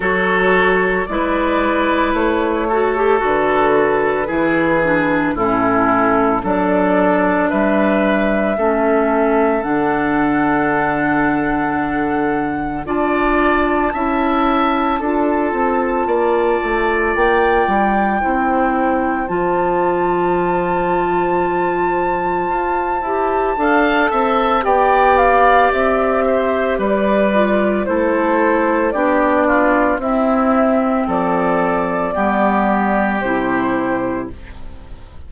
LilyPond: <<
  \new Staff \with { instrumentName = "flute" } { \time 4/4 \tempo 4 = 56 cis''4 d''4 cis''4 b'4~ | b'4 a'4 d''4 e''4~ | e''4 fis''2. | a''1 |
g''2 a''2~ | a''2. g''8 f''8 | e''4 d''4 c''4 d''4 | e''4 d''2 c''4 | }
  \new Staff \with { instrumentName = "oboe" } { \time 4/4 a'4 b'4. a'4. | gis'4 e'4 a'4 b'4 | a'1 | d''4 e''4 a'4 d''4~ |
d''4 c''2.~ | c''2 f''8 e''8 d''4~ | d''8 c''8 b'4 a'4 g'8 f'8 | e'4 a'4 g'2 | }
  \new Staff \with { instrumentName = "clarinet" } { \time 4/4 fis'4 e'4. fis'16 g'16 fis'4 | e'8 d'8 cis'4 d'2 | cis'4 d'2. | f'4 e'4 f'2~ |
f'4 e'4 f'2~ | f'4. g'8 a'4 g'4~ | g'4. f'8 e'4 d'4 | c'2 b4 e'4 | }
  \new Staff \with { instrumentName = "bassoon" } { \time 4/4 fis4 gis4 a4 d4 | e4 a,4 fis4 g4 | a4 d2. | d'4 cis'4 d'8 c'8 ais8 a8 |
ais8 g8 c'4 f2~ | f4 f'8 e'8 d'8 c'8 b4 | c'4 g4 a4 b4 | c'4 f4 g4 c4 | }
>>